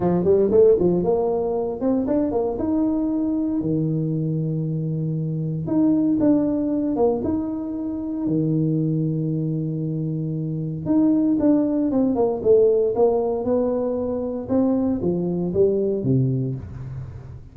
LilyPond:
\new Staff \with { instrumentName = "tuba" } { \time 4/4 \tempo 4 = 116 f8 g8 a8 f8 ais4. c'8 | d'8 ais8 dis'2 dis4~ | dis2. dis'4 | d'4. ais8 dis'2 |
dis1~ | dis4 dis'4 d'4 c'8 ais8 | a4 ais4 b2 | c'4 f4 g4 c4 | }